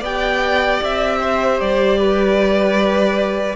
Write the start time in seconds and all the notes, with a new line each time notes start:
0.00 B3 G4 D5 G5
0.82 C4 E5
1.21 C5
1.60 G3 D5
1.98 B4